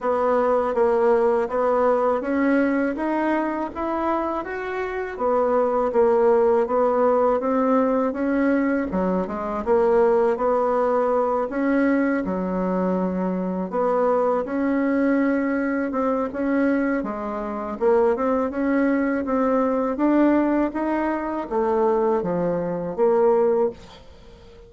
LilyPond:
\new Staff \with { instrumentName = "bassoon" } { \time 4/4 \tempo 4 = 81 b4 ais4 b4 cis'4 | dis'4 e'4 fis'4 b4 | ais4 b4 c'4 cis'4 | fis8 gis8 ais4 b4. cis'8~ |
cis'8 fis2 b4 cis'8~ | cis'4. c'8 cis'4 gis4 | ais8 c'8 cis'4 c'4 d'4 | dis'4 a4 f4 ais4 | }